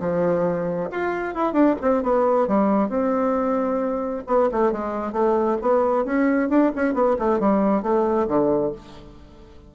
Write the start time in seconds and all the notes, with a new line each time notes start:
0.00 F3
0.91 F4
1.34 E4
1.53 D4
1.81 C4
2.03 B3
2.47 G3
2.89 C4
4.27 B3
4.51 A3
4.72 G#3
5.12 A3
5.62 B3
6.05 C#4
6.49 D4
6.75 C#4
6.94 B3
7.19 A3
7.39 G3
7.82 A3
8.28 D3